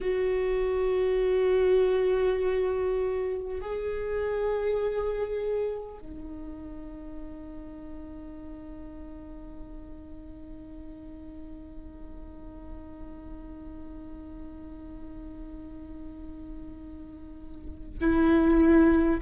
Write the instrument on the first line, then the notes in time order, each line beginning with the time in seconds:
viola
0.00 F#4
3.61 G#4
5.98 D#4
18.01 E4